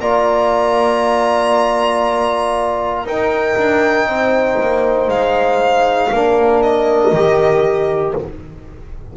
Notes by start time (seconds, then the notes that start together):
0.00 A#3 F4 D5 A#5
3.04 D#4 A#4 G5
3.57 D4
4.06 C4 C5
4.61 A#3
5.08 G#3 F5
6.12 A#3 D4 A#4
6.62 D#5
7.12 D#3 G4